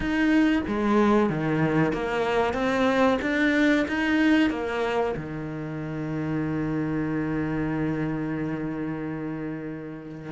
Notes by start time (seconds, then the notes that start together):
0.00 D#4
0.67 G#3
1.29 D#3
1.92 A#3
2.53 C4
3.21 D4
3.87 D#4
4.50 A#3
5.16 D#3